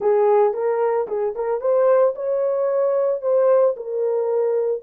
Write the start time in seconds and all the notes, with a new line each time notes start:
0.00 G#4
0.53 A#4
1.07 G#4
1.35 A#4
1.60 C5
2.15 C#5
3.21 C5
3.76 A#4